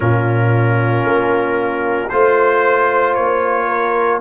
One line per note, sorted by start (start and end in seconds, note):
0.00 1.04 A#2
0.00 2.08 C#4
0.00 2.11 F4
0.00 2.09 A#4
1.04 2.10 A#3
2.09 3.17 A3
2.09 4.21 F4
2.09 3.14 C5
2.09 3.66 C5
3.14 4.21 A#3
3.14 4.20 C#5
3.66 4.19 A#4